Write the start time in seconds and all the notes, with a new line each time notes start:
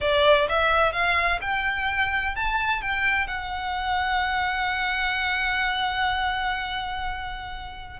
0.00 D5
0.48 E5
0.92 F5
1.41 G5
2.35 A5
2.81 G5
3.27 F#5